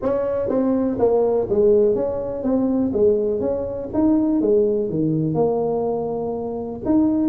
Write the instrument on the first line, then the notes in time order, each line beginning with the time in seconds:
tuba
0.02 C#4
0.48 C4
0.98 A#3
1.49 G#3
1.95 C#4
2.43 C4
2.93 G#3
3.40 C#4
3.93 D#4
4.41 G#3
4.89 D#3
5.34 A#3
6.85 D#4